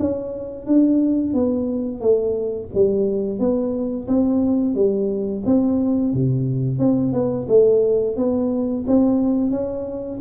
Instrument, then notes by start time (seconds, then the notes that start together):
tuba
0.00 C#4
0.67 D4
1.34 B3
2.01 A3
2.75 G3
3.40 B3
4.08 C4
4.75 G3
5.46 C4
6.14 C3
6.79 C4
7.13 B3
7.49 A3
8.17 B3
8.87 C4
9.51 C#4